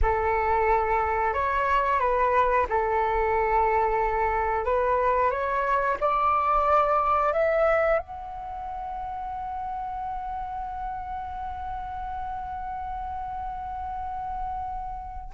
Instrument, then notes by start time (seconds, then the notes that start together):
flute
0.02 A4
1.33 C#5
1.99 B4
2.69 A4
4.64 B4
5.30 C#5
6.00 D5
7.32 E5
7.98 F#5